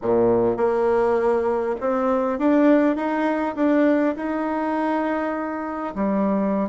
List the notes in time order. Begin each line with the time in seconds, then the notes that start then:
0.01 A#2
0.56 A#3
1.80 C4
2.38 D4
2.95 D#4
3.55 D4
4.16 D#4
5.95 G3